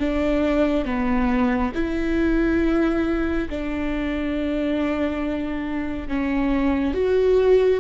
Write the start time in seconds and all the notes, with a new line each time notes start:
0.00 D4
0.85 B3
1.75 E4
3.49 D4
6.08 C#4
6.94 F#4